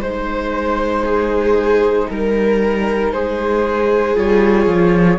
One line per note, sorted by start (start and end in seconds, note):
0.00 2.07 G#3
0.00 4.16 D#4
0.00 1.04 C5
0.00 2.09 C5
1.05 2.09 G#4
2.10 3.12 G3
2.10 3.12 A#4
2.10 3.13 A#4
3.12 4.16 G#3
3.12 5.19 G#4
3.12 4.16 C5
4.16 4.66 G3
4.16 5.19 F4
4.16 5.19 C#5
4.66 5.18 F3